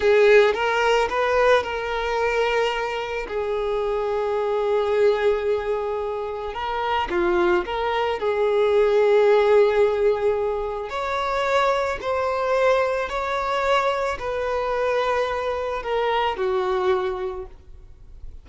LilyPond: \new Staff \with { instrumentName = "violin" } { \time 4/4 \tempo 4 = 110 gis'4 ais'4 b'4 ais'4~ | ais'2 gis'2~ | gis'1 | ais'4 f'4 ais'4 gis'4~ |
gis'1 | cis''2 c''2 | cis''2 b'2~ | b'4 ais'4 fis'2 | }